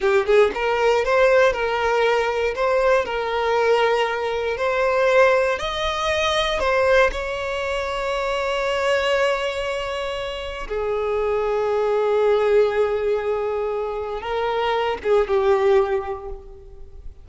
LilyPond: \new Staff \with { instrumentName = "violin" } { \time 4/4 \tempo 4 = 118 g'8 gis'8 ais'4 c''4 ais'4~ | ais'4 c''4 ais'2~ | ais'4 c''2 dis''4~ | dis''4 c''4 cis''2~ |
cis''1~ | cis''4 gis'2.~ | gis'1 | ais'4. gis'8 g'2 | }